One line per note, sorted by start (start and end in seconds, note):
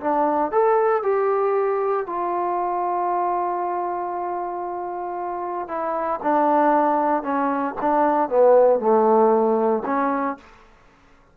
0.00 0.51 D4
0.51 1.03 A4
1.03 2.06 G4
2.06 5.68 F4
5.68 6.20 E4
6.23 7.23 D4
7.23 7.74 C#4
7.81 8.29 D4
8.29 8.80 B3
8.80 9.83 A3
9.85 10.37 C#4